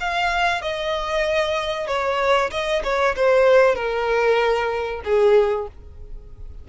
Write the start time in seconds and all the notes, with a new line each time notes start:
0.00 F5
0.62 D#5
1.87 C#5
2.51 D#5
2.84 C#5
3.16 C5
3.75 A#4
5.04 G#4